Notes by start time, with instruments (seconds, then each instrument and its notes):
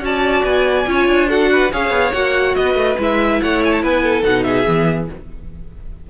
0.00 cello C#4, viola F#4, violin D5 A5
0.43 cello B3, violin G#5
0.86 cello C#4, viola F4, violin C#5
1.07 cello D4
1.27 viola F#4, violin A4 F#5
1.52 violin B4
1.72 cello C#4, viola G#4, violin C#5 F5
1.90 cello B3
2.12 cello A#3, viola F#4, violin F#5
2.55 cello B3, violin B4 D#5
2.74 cello A3
2.98 cello G#3, viola E4, violin E5
3.42 cello A3, violin C#5 F#5
3.64 violin G#5
3.72 violin A5
3.83 cello B3, violin B4 G#5
4.03 violin A4
4.22 cello B2, viola D#4, violin F#5
4.43 violin G#4 E5
4.65 cello E3, viola B3